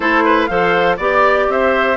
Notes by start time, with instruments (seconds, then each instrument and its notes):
0.00 bassoon A3, clarinet E4, oboe A4, flute C5
0.24 oboe B4
0.46 bassoon F3, clarinet A4, oboe C5, flute F5
0.97 bassoon B3, clarinet G4, oboe D5, flute D5
1.48 bassoon C4, oboe C5, flute E5